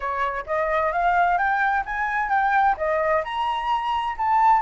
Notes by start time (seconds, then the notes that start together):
0.00 C#5
0.46 D#5
0.92 F5
1.37 G5
1.85 G#5
2.29 G5
2.77 D#5
3.23 A#5
4.17 A5